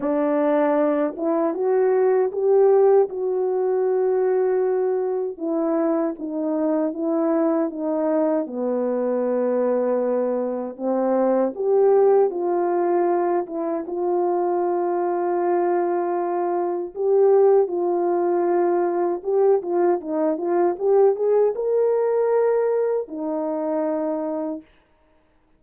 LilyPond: \new Staff \with { instrumentName = "horn" } { \time 4/4 \tempo 4 = 78 d'4. e'8 fis'4 g'4 | fis'2. e'4 | dis'4 e'4 dis'4 b4~ | b2 c'4 g'4 |
f'4. e'8 f'2~ | f'2 g'4 f'4~ | f'4 g'8 f'8 dis'8 f'8 g'8 gis'8 | ais'2 dis'2 | }